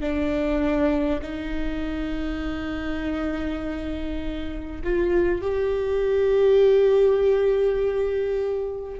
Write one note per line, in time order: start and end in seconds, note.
0.00 1.20 D4
1.21 4.81 D#4
4.84 5.41 F4
5.41 8.99 G4